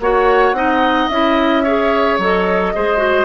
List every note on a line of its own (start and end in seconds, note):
0.00 0.52 A#3
0.00 0.55 F#4
0.00 0.56 C#5
0.00 1.08 F#5
0.52 1.07 C4
0.52 1.09 D#4
0.52 1.63 D#5
1.08 2.18 C#4
1.08 1.65 E4
1.08 2.17 E5
1.63 2.20 G#4
1.63 2.72 C#5
2.18 2.73 F#3
2.18 2.74 A4
2.18 3.25 D#5
2.74 3.25 G#3
2.74 2.97 G#4
2.74 3.25 C5
2.97 3.25 F#4